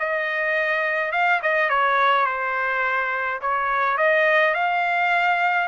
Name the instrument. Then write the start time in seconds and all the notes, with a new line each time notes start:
trumpet
0.00 D#5
1.12 F5
1.43 D#5
1.70 C#5
2.26 C5
3.42 C#5
3.98 D#5
4.55 F5